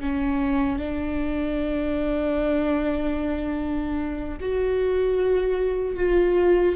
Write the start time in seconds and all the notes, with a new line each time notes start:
0.00 C#4
0.79 D4
4.41 F#4
5.96 F4